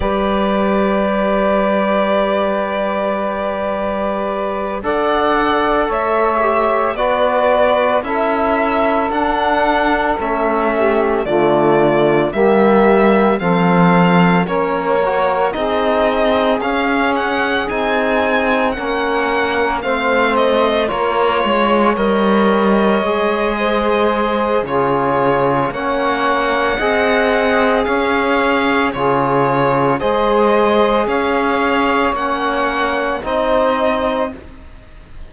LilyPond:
<<
  \new Staff \with { instrumentName = "violin" } { \time 4/4 \tempo 4 = 56 d''1~ | d''8 fis''4 e''4 d''4 e''8~ | e''8 fis''4 e''4 d''4 e''8~ | e''8 f''4 cis''4 dis''4 f''8 |
fis''8 gis''4 fis''4 f''8 dis''8 cis''8~ | cis''8 dis''2~ dis''8 cis''4 | fis''2 f''4 cis''4 | dis''4 f''4 fis''4 dis''4 | }
  \new Staff \with { instrumentName = "saxophone" } { \time 4/4 b'1~ | b'8 d''4 cis''4 b'4 a'8~ | a'2 g'8 f'4 g'8~ | g'8 a'4 ais'4 gis'4.~ |
gis'4. ais'4 c''4 ais'8 | cis''2 c''4 gis'4 | cis''4 dis''4 cis''4 gis'4 | c''4 cis''2 c''4 | }
  \new Staff \with { instrumentName = "trombone" } { \time 4/4 g'1~ | g'8 a'4. g'8 fis'4 e'8~ | e'8 d'4 cis'4 a4 ais8~ | ais8 c'4 cis'8 fis'8 dis'4 cis'8~ |
cis'8 dis'4 cis'4 c'4 f'8~ | f'8 ais'4 gis'4. f'4 | cis'4 gis'2 f'4 | gis'2 cis'4 dis'4 | }
  \new Staff \with { instrumentName = "cello" } { \time 4/4 g1~ | g8 d'4 a4 b4 cis'8~ | cis'8 d'4 a4 d4 g8~ | g8 f4 ais4 c'4 cis'8~ |
cis'8 c'4 ais4 a4 ais8 | gis8 g4 gis4. cis4 | ais4 c'4 cis'4 cis4 | gis4 cis'4 ais4 c'4 | }
>>